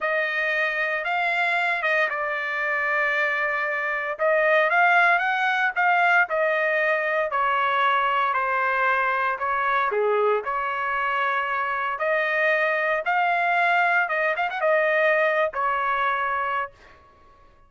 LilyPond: \new Staff \with { instrumentName = "trumpet" } { \time 4/4 \tempo 4 = 115 dis''2 f''4. dis''8 | d''1 | dis''4 f''4 fis''4 f''4 | dis''2 cis''2 |
c''2 cis''4 gis'4 | cis''2. dis''4~ | dis''4 f''2 dis''8 f''16 fis''16 | dis''4.~ dis''16 cis''2~ cis''16 | }